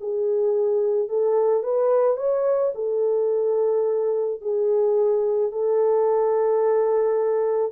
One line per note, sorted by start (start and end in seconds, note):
0.00 1.08 G#4
1.08 1.63 A4
1.63 2.17 B4
2.17 2.72 C#5
2.74 4.41 A4
4.41 5.52 G#4
5.52 7.72 A4